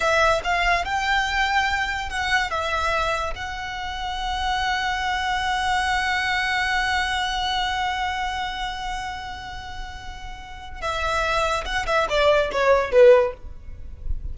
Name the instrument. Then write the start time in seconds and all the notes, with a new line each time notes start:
violin
0.00 E5
0.44 F5
0.84 G5
2.09 F#5
2.50 E5
3.35 F#5
10.81 E5
11.65 F#5
11.86 E5
12.09 D5
12.51 C#5
12.91 B4